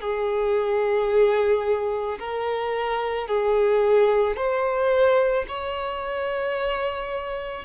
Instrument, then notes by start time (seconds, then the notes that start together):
violin
0.00 G#4
2.19 A#4
3.27 G#4
4.36 C5
5.47 C#5